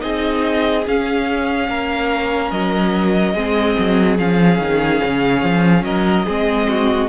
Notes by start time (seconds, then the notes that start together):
0.00 C4 D#4 G#4 D#5
0.87 C#4 F5
1.69 A#3 A#4
2.51 F#3 D#5
3.35 G#3 C4 G#4
3.79 F#3
4.18 F3 C#4 F5
4.60 D#3
5.04 C#3
5.44 F3
5.84 F#3 A#4 D#5
6.26 G#3 C4 G#4
6.69 F#4